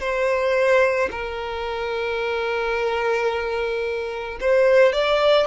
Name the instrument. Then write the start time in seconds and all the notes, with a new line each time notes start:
violin
0.00 C5
1.11 A#4
4.41 C5
4.93 D5